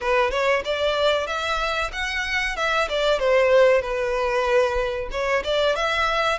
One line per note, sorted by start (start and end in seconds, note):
0.01 0.30 B4
0.30 0.62 C#5
0.64 1.26 D5
1.26 1.90 E5
1.92 2.56 F#5
2.56 2.88 E5
2.89 3.19 D5
3.19 3.81 C5
3.81 5.09 B4
5.11 5.43 C#5
5.43 5.75 D5
5.75 6.38 E5